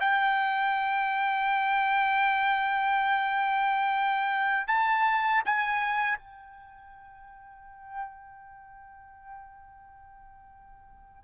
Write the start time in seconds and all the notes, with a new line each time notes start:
0.00 G5
4.67 A5
5.45 G#5
6.18 G5